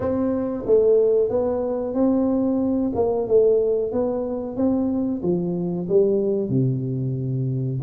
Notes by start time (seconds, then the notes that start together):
0.00 C4
0.66 A3
1.29 B3
1.94 C4
2.95 A#3
3.27 A3
3.91 B3
4.56 C4
5.22 F3
5.89 G3
6.49 C3